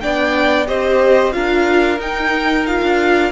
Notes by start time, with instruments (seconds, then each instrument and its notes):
0.00 cello B3, viola D4, violin D5 G5
0.66 cello C4, viola G4, violin C5 D#5
1.32 cello D4, viola F4, violin A#4 F5
1.98 viola D#4, cello D#4, violin G5
2.66 viola F4, violin F5
2.82 cello D4